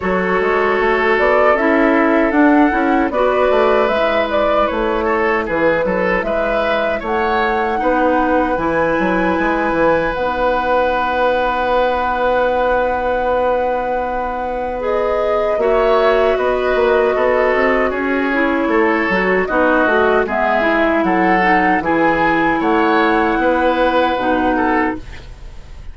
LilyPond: <<
  \new Staff \with { instrumentName = "flute" } { \time 4/4 \tempo 4 = 77 cis''4. d''8 e''4 fis''4 | d''4 e''8 d''8 cis''4 b'4 | e''4 fis''2 gis''4~ | gis''4 fis''2.~ |
fis''2. dis''4 | e''4 dis''2 cis''4~ | cis''4 dis''4 e''4 fis''4 | gis''4 fis''2. | }
  \new Staff \with { instrumentName = "oboe" } { \time 4/4 a'1 | b'2~ b'8 a'8 gis'8 a'8 | b'4 cis''4 b'2~ | b'1~ |
b'1 | cis''4 b'4 a'4 gis'4 | a'4 fis'4 gis'4 a'4 | gis'4 cis''4 b'4. a'8 | }
  \new Staff \with { instrumentName = "clarinet" } { \time 4/4 fis'2 e'4 d'8 e'8 | fis'4 e'2.~ | e'2 dis'4 e'4~ | e'4 dis'2.~ |
dis'2. gis'4 | fis'2.~ fis'8 e'8~ | e'8 fis'8 dis'8 fis'8 b8 e'4 dis'8 | e'2. dis'4 | }
  \new Staff \with { instrumentName = "bassoon" } { \time 4/4 fis8 gis8 a8 b8 cis'4 d'8 cis'8 | b8 a8 gis4 a4 e8 fis8 | gis4 a4 b4 e8 fis8 | gis8 e8 b2.~ |
b1 | ais4 b8 ais8 b8 c'8 cis'4 | a8 fis8 b8 a8 gis4 fis4 | e4 a4 b4 b,4 | }
>>